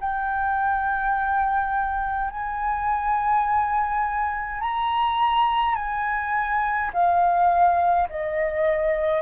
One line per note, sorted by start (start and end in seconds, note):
0.00 2.30 G5
2.30 4.60 G#5
4.60 5.75 A#5
5.75 6.91 G#5
6.93 8.08 F5
8.09 9.22 D#5